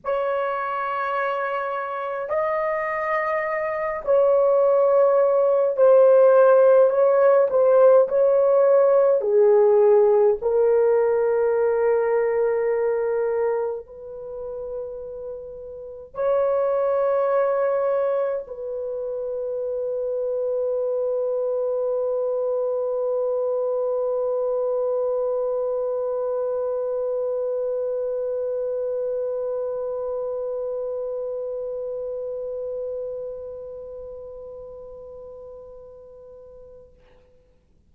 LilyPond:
\new Staff \with { instrumentName = "horn" } { \time 4/4 \tempo 4 = 52 cis''2 dis''4. cis''8~ | cis''4 c''4 cis''8 c''8 cis''4 | gis'4 ais'2. | b'2 cis''2 |
b'1~ | b'1~ | b'1~ | b'1 | }